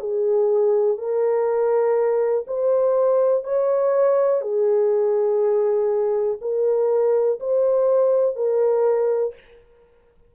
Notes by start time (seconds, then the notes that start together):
0.00 G#4
0.97 A#4
2.47 C5
3.44 C#5
4.41 G#4
6.41 A#4
7.40 C5
8.36 A#4